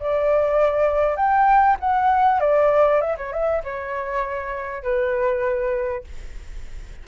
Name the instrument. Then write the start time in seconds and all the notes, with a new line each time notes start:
flute
0.00 D5
1.16 G5
1.80 F#5
2.40 D5
3.01 E5
3.17 C#5
3.33 E5
3.64 C#5
4.83 B4